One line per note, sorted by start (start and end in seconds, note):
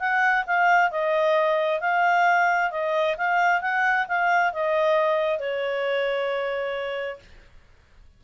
0.00 0.45 F#5
0.47 0.91 F5
0.91 1.81 D#5
1.81 2.71 F5
2.71 3.16 D#5
3.18 3.62 F5
3.62 4.07 F#5
4.09 4.53 F5
4.53 5.40 D#5
5.40 7.20 C#5